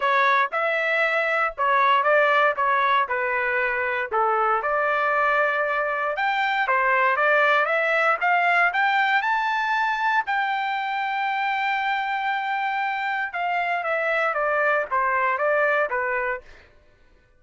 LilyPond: \new Staff \with { instrumentName = "trumpet" } { \time 4/4 \tempo 4 = 117 cis''4 e''2 cis''4 | d''4 cis''4 b'2 | a'4 d''2. | g''4 c''4 d''4 e''4 |
f''4 g''4 a''2 | g''1~ | g''2 f''4 e''4 | d''4 c''4 d''4 b'4 | }